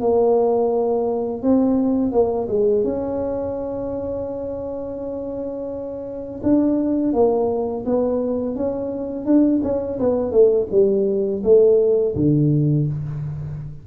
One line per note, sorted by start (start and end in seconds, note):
0.00 1.42 A#3
1.42 2.11 C4
2.11 2.47 A#3
2.48 2.83 G#3
2.83 6.41 C#4
6.43 7.13 D4
7.13 7.84 A#3
7.85 8.55 B3
8.55 9.25 C#4
9.25 9.61 D4
9.63 9.98 C#4
9.99 10.31 B3
10.31 10.67 A3
10.71 11.42 G3
11.43 12.15 A3
12.15 12.86 D3